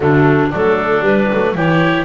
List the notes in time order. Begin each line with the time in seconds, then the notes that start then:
0.00 D3 F#3 A3 D4
0.50 F#3 A3 D4 A4
1.01 G3 B4
1.32 F#3 A3
1.55 E3 E4 G4 C#5